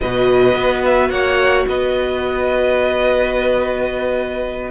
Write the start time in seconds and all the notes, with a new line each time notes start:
0.01 B2 F#4 B4 D#5
0.54 B3
0.84 E5
1.10 A#3 C#5 F#5
1.68 B3 B4 D#5